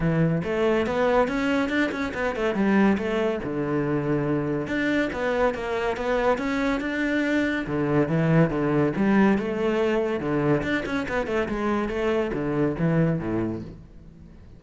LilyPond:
\new Staff \with { instrumentName = "cello" } { \time 4/4 \tempo 4 = 141 e4 a4 b4 cis'4 | d'8 cis'8 b8 a8 g4 a4 | d2. d'4 | b4 ais4 b4 cis'4 |
d'2 d4 e4 | d4 g4 a2 | d4 d'8 cis'8 b8 a8 gis4 | a4 d4 e4 a,4 | }